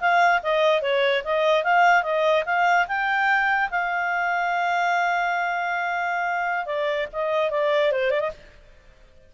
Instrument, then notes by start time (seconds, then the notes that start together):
clarinet
0.00 F5
0.42 D#5
0.82 C#5
1.24 D#5
1.64 F5
2.03 D#5
2.45 F5
2.87 G5
3.70 F5
6.66 D5
7.13 D#5
7.50 D5
7.92 C5
8.11 D5
8.20 D#5